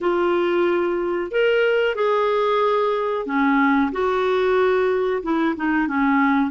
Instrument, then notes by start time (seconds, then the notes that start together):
clarinet
0.00 F4
1.31 A#4
1.95 G#4
3.25 C#4
3.91 F#4
5.22 E4
5.56 D#4
5.87 C#4